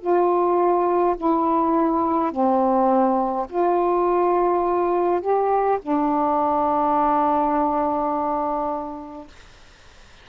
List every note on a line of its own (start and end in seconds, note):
0.00 1.15 F4
1.17 2.31 E4
2.31 3.47 C4
3.49 5.21 F4
5.21 5.79 G4
5.82 9.28 D4